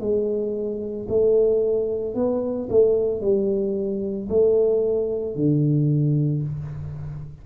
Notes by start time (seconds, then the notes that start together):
0.00 G#3
1.08 A3
2.14 B3
2.70 A3
3.21 G3
4.29 A3
5.35 D3